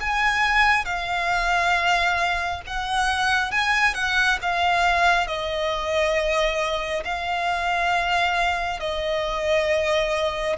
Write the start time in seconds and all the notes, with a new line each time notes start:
0.00 G#5
0.85 F5
2.66 F#5
3.51 G#5
3.94 F#5
4.42 F5
5.27 D#5
7.04 F5
8.80 D#5